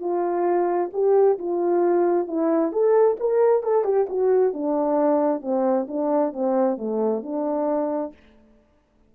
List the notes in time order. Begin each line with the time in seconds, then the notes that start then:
0.00 F4
0.93 G4
1.39 F4
2.28 E4
2.72 A4
3.20 A#4
3.63 A4
3.84 G4
4.09 F#4
4.53 D4
5.42 C4
5.88 D4
6.33 C4
6.77 A3
7.23 D4